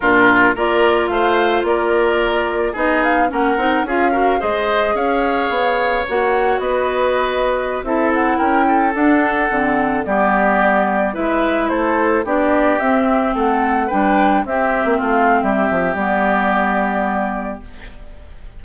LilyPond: <<
  \new Staff \with { instrumentName = "flute" } { \time 4/4 \tempo 4 = 109 ais'4 d''4 f''4 d''4~ | d''4 dis''8 f''8 fis''4 f''4 | dis''4 f''2 fis''4 | dis''2~ dis''16 e''8 fis''8 g''8.~ |
g''16 fis''2 d''4.~ d''16~ | d''16 e''4 c''4 d''4 e''8.~ | e''16 fis''4 g''4 e''4 f''8. | e''4 d''2. | }
  \new Staff \with { instrumentName = "oboe" } { \time 4/4 f'4 ais'4 c''4 ais'4~ | ais'4 gis'4 ais'4 gis'8 ais'8 | c''4 cis''2. | b'2~ b'16 a'4 ais'8 a'16~ |
a'2~ a'16 g'4.~ g'16~ | g'16 b'4 a'4 g'4.~ g'16~ | g'16 a'4 b'4 g'4 f'8. | g'1 | }
  \new Staff \with { instrumentName = "clarinet" } { \time 4/4 d'4 f'2.~ | f'4 dis'4 cis'8 dis'8 f'8 fis'8 | gis'2. fis'4~ | fis'2~ fis'16 e'4.~ e'16~ |
e'16 d'4 c'4 b4.~ b16~ | b16 e'2 d'4 c'8.~ | c'4~ c'16 d'4 c'4.~ c'16~ | c'4 b2. | }
  \new Staff \with { instrumentName = "bassoon" } { \time 4/4 ais,4 ais4 a4 ais4~ | ais4 b4 ais8 c'8 cis'4 | gis4 cis'4 b4 ais4 | b2~ b16 c'4 cis'8.~ |
cis'16 d'4 d4 g4.~ g16~ | g16 gis4 a4 b4 c'8.~ | c'16 a4 g4 c'8. ais16 a8. | g8 f8 g2. | }
>>